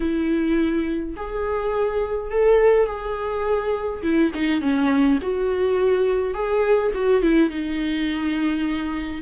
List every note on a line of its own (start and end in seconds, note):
0.00 1.15 E4
1.16 2.31 G#4
2.31 2.87 A4
2.87 4.02 G#4
4.03 4.31 E4
4.34 4.61 D#4
4.61 5.18 C#4
5.22 6.33 F#4
6.33 6.91 G#4
6.94 7.22 F#4
7.22 7.50 E4
7.50 9.22 D#4